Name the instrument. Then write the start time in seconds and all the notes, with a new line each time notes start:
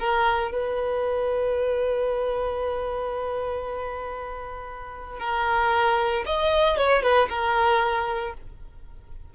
violin
0.00 A#4
0.52 B4
5.20 A#4
6.26 D#5
6.78 C#5
7.03 B4
7.29 A#4